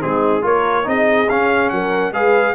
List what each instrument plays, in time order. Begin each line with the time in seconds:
0.00 tuba G#3, trombone C4, horn D#4, trumpet G#4
0.42 tuba A#3, trombone F4, horn A#4, trumpet C#5
0.84 tuba C4, trombone D#4, horn G#4, trumpet D#5
1.29 tuba C#4, trombone C#4, trumpet F5
1.69 tuba F#3, horn A#4, trumpet F#5
2.12 tuba G#3, trombone G#4, horn B4, trumpet F5